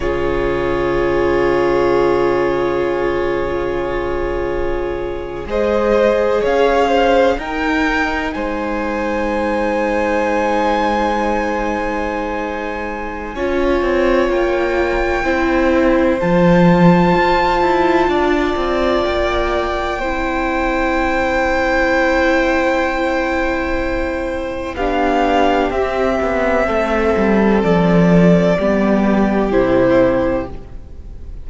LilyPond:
<<
  \new Staff \with { instrumentName = "violin" } { \time 4/4 \tempo 4 = 63 cis''1~ | cis''4.~ cis''16 dis''4 f''4 g''16~ | g''8. gis''2.~ gis''16~ | gis''2. g''4~ |
g''4 a''2. | g''1~ | g''2 f''4 e''4~ | e''4 d''2 c''4 | }
  \new Staff \with { instrumentName = "violin" } { \time 4/4 gis'1~ | gis'4.~ gis'16 c''4 cis''8 c''8 ais'16~ | ais'8. c''2.~ c''16~ | c''2 cis''2 |
c''2. d''4~ | d''4 c''2.~ | c''2 g'2 | a'2 g'2 | }
  \new Staff \with { instrumentName = "viola" } { \time 4/4 f'1~ | f'4.~ f'16 gis'2 dis'16~ | dis'1~ | dis'2 f'2 |
e'4 f'2.~ | f'4 e'2.~ | e'2 d'4 c'4~ | c'2 b4 e'4 | }
  \new Staff \with { instrumentName = "cello" } { \time 4/4 cis1~ | cis4.~ cis16 gis4 cis'4 dis'16~ | dis'8. gis2.~ gis16~ | gis2 cis'8 c'8 ais4 |
c'4 f4 f'8 e'8 d'8 c'8 | ais4 c'2.~ | c'2 b4 c'8 b8 | a8 g8 f4 g4 c4 | }
>>